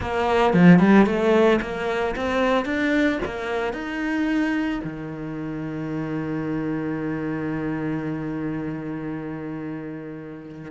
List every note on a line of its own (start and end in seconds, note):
0.00 0.53 A#3
0.53 0.79 F3
0.79 1.05 G3
1.06 1.59 A3
1.61 2.15 A#3
2.16 2.65 C4
2.65 3.19 D4
3.25 3.73 A#3
3.73 4.80 D#4
4.84 10.71 D#3